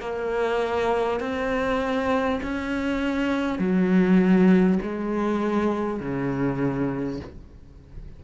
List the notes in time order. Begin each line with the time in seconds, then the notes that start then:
0.00 A#3
1.20 C4
2.43 C#4
3.59 F#3
4.83 G#3
6.01 C#3